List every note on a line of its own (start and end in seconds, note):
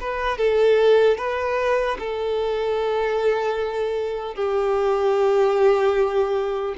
0.00 0.38 B4
0.38 1.17 A4
1.17 1.97 B4
1.99 4.35 A4
4.35 6.75 G4